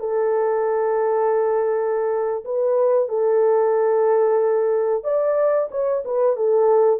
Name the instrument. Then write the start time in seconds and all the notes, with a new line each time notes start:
horn
0.00 A4
2.45 B4
3.09 A4
5.04 D5
5.71 C#5
6.05 B4
6.36 A4